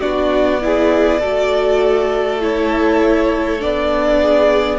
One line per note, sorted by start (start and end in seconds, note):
0.00 1.23 B3
0.00 0.61 D4
0.00 0.60 F#4
0.00 2.40 D5
0.61 1.21 E4
0.61 1.20 G#4
1.20 3.62 A3
1.20 2.40 F#4
1.20 4.20 A4
2.40 3.60 E4
2.40 3.61 C#5
3.60 4.78 B3
3.60 4.78 D4
3.60 4.78 D5
4.22 4.78 G#4